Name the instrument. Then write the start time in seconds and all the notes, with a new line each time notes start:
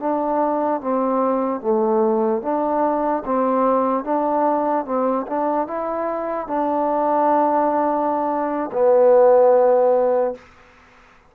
trombone
0.00 D4
0.81 C4
1.61 A3
2.43 D4
3.26 C4
4.05 D4
4.86 C4
5.27 D4
5.68 E4
6.48 D4
8.73 B3